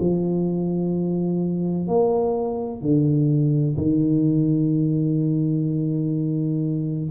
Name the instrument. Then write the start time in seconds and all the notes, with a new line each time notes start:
tuba
0.00 F3
1.88 A#3
2.81 D3
3.77 D#3